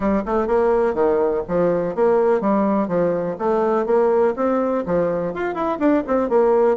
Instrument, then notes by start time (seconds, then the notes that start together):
bassoon
0.00 G3
0.25 A3
0.47 A#3
0.93 D#3
1.48 F3
1.95 A#3
2.40 G3
2.88 F3
3.38 A3
3.86 A#3
4.35 C4
4.85 F3
5.34 F4
5.54 E4
5.79 D4
6.07 C4
6.29 A#3